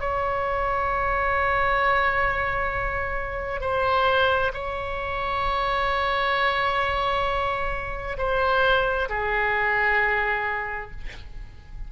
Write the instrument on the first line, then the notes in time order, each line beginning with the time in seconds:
oboe
0.00 C#5
3.61 C5
4.54 C#5
8.18 C5
9.10 G#4